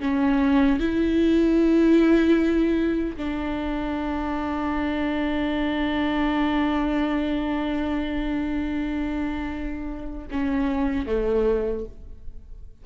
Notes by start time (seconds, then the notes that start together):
0.00 C#4
0.79 E4
3.17 D4
10.31 C#4
11.06 A3